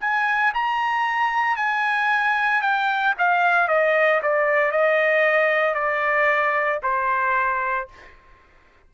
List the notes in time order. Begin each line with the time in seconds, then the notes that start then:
0.00 G#5
0.54 A#5
1.56 G#5
2.61 G5
3.18 F5
3.67 D#5
4.22 D5
4.71 D#5
5.74 D5
6.83 C5